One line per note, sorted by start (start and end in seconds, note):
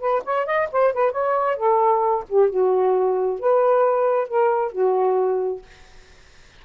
0.00 0.23 B4
0.25 0.46 C#5
0.46 0.69 D#5
0.72 0.93 C5
0.93 1.12 B4
1.12 1.56 C#5
1.56 2.24 A4
2.29 2.50 G4
2.50 3.40 F#4
3.40 4.28 B4
4.28 4.72 A#4
4.72 5.62 F#4